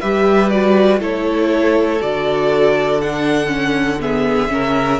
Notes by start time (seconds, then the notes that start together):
0.00 G3 G4 B4 E5
0.49 F#4 D5
0.99 A3 E4 A4 C#5
2.01 D3 F#4 D5
3.01 D4 F#5
3.47 C#4
4.00 B3 G#4 E5
4.48 C#3 C#4 A#4